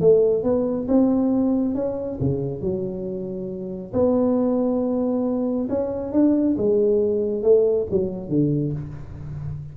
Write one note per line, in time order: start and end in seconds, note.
0.00 0.43 A3
0.43 0.87 B3
0.88 1.75 C4
1.75 2.19 C#4
2.20 2.61 C#3
2.61 3.92 F#3
3.93 5.68 B3
5.69 6.12 C#4
6.12 6.56 D4
6.58 7.43 G#3
7.43 7.87 A3
7.91 8.29 F#3
8.29 8.73 D3